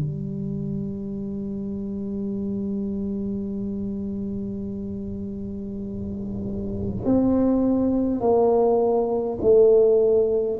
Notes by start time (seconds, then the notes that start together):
0.00 G3
7.05 C4
8.21 A#3
9.42 A3